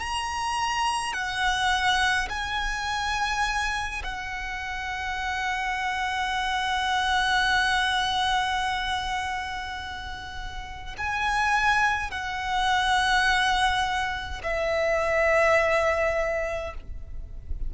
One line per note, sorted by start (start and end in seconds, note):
0.00 1.13 A#5
1.13 2.29 F#5
2.30 4.03 G#5
4.04 10.96 F#5
10.98 12.11 G#5
12.11 14.42 F#5
14.43 16.74 E5